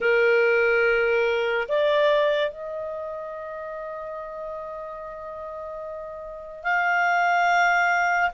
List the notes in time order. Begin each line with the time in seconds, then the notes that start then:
0.00 A#4
1.68 D5
2.50 D#5
6.63 F5